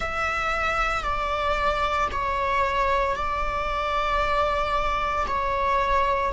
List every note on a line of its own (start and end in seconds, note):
0.00 1.03 E5
1.03 2.08 D5
2.11 3.15 C#5
3.15 5.26 D5
5.27 6.32 C#5